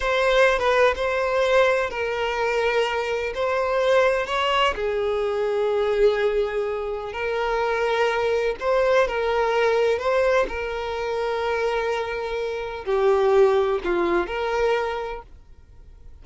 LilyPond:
\new Staff \with { instrumentName = "violin" } { \time 4/4 \tempo 4 = 126 c''4~ c''16 b'8. c''2 | ais'2. c''4~ | c''4 cis''4 gis'2~ | gis'2. ais'4~ |
ais'2 c''4 ais'4~ | ais'4 c''4 ais'2~ | ais'2. g'4~ | g'4 f'4 ais'2 | }